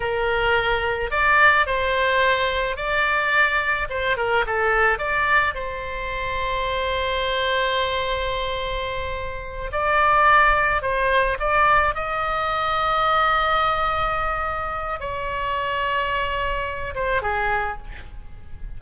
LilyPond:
\new Staff \with { instrumentName = "oboe" } { \time 4/4 \tempo 4 = 108 ais'2 d''4 c''4~ | c''4 d''2 c''8 ais'8 | a'4 d''4 c''2~ | c''1~ |
c''4. d''2 c''8~ | c''8 d''4 dis''2~ dis''8~ | dis''2. cis''4~ | cis''2~ cis''8 c''8 gis'4 | }